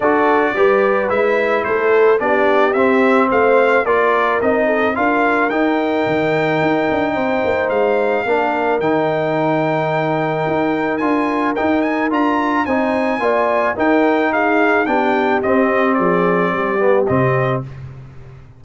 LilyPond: <<
  \new Staff \with { instrumentName = "trumpet" } { \time 4/4 \tempo 4 = 109 d''2 e''4 c''4 | d''4 e''4 f''4 d''4 | dis''4 f''4 g''2~ | g''2 f''2 |
g''1 | gis''4 g''8 gis''8 ais''4 gis''4~ | gis''4 g''4 f''4 g''4 | dis''4 d''2 dis''4 | }
  \new Staff \with { instrumentName = "horn" } { \time 4/4 a'4 b'2 a'4 | g'2 c''4 ais'4~ | ais'8 a'8 ais'2.~ | ais'4 c''2 ais'4~ |
ais'1~ | ais'2. c''4 | d''4 ais'4 gis'4 g'4~ | g'4 gis'4 g'2 | }
  \new Staff \with { instrumentName = "trombone" } { \time 4/4 fis'4 g'4 e'2 | d'4 c'2 f'4 | dis'4 f'4 dis'2~ | dis'2. d'4 |
dis'1 | f'4 dis'4 f'4 dis'4 | f'4 dis'2 d'4 | c'2~ c'8 b8 c'4 | }
  \new Staff \with { instrumentName = "tuba" } { \time 4/4 d'4 g4 gis4 a4 | b4 c'4 a4 ais4 | c'4 d'4 dis'4 dis4 | dis'8 d'8 c'8 ais8 gis4 ais4 |
dis2. dis'4 | d'4 dis'4 d'4 c'4 | ais4 dis'2 b4 | c'4 f4 g4 c4 | }
>>